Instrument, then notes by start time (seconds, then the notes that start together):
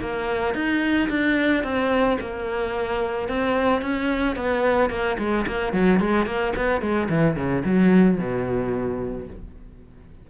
cello
0.00 A#3
0.54 D#4
1.09 D4
1.63 C4
2.20 A#3
3.28 C4
3.81 C#4
4.36 B3
4.90 A#3
5.18 G#3
5.46 A#3
5.73 F#3
6.00 G#3
6.26 A#3
6.56 B3
6.81 G#3
7.09 E3
7.36 C#3
7.65 F#3
8.18 B2